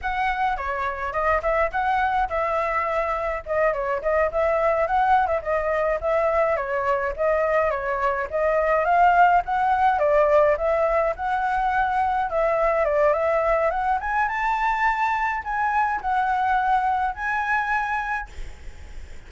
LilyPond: \new Staff \with { instrumentName = "flute" } { \time 4/4 \tempo 4 = 105 fis''4 cis''4 dis''8 e''8 fis''4 | e''2 dis''8 cis''8 dis''8 e''8~ | e''8 fis''8. e''16 dis''4 e''4 cis''8~ | cis''8 dis''4 cis''4 dis''4 f''8~ |
f''8 fis''4 d''4 e''4 fis''8~ | fis''4. e''4 d''8 e''4 | fis''8 gis''8 a''2 gis''4 | fis''2 gis''2 | }